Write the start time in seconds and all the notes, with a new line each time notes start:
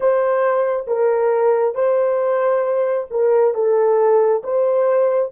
0.00 C5
0.87 A#4
1.74 C5
3.10 A#4
3.54 A4
4.43 C5